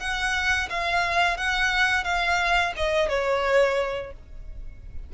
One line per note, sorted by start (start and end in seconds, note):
0.00 0.69 F#5
0.70 1.38 F5
1.38 2.04 F#5
2.04 2.73 F5
2.77 3.09 D#5
3.09 4.13 C#5